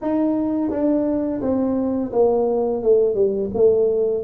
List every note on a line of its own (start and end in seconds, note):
0.01 0.70 D#4
0.70 1.41 D4
1.41 2.12 C4
2.12 2.82 A#3
2.82 3.14 A3
3.14 3.49 G3
3.54 4.23 A3